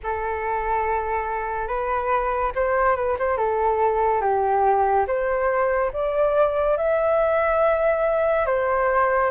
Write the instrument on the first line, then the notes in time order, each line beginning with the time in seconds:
flute
0.03 A4
1.67 B4
2.55 C5
2.96 B4
3.18 C5
3.37 A4
4.21 G4
5.07 C5
5.92 D5
6.77 E5
8.46 C5